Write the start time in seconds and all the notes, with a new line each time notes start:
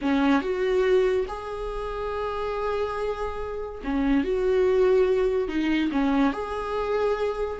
0.01 C#4
0.41 F#4
1.28 G#4
3.84 C#4
4.23 F#4
5.48 D#4
5.91 C#4
6.32 G#4